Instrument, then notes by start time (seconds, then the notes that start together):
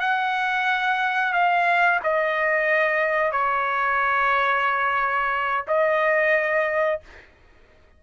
trumpet
0.00 F#5
1.33 F5
2.03 D#5
3.31 C#5
5.67 D#5